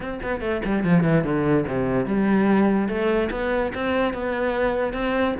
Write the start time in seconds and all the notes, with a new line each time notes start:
0.00 C4
0.22 B3
0.40 A3
0.65 G3
0.84 F3
1.03 E3
1.24 D3
1.67 C3
2.06 G3
2.88 A3
3.30 B3
3.74 C4
4.13 B3
4.93 C4